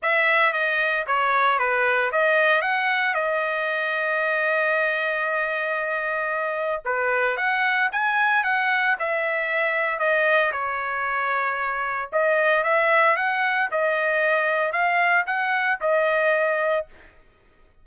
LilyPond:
\new Staff \with { instrumentName = "trumpet" } { \time 4/4 \tempo 4 = 114 e''4 dis''4 cis''4 b'4 | dis''4 fis''4 dis''2~ | dis''1~ | dis''4 b'4 fis''4 gis''4 |
fis''4 e''2 dis''4 | cis''2. dis''4 | e''4 fis''4 dis''2 | f''4 fis''4 dis''2 | }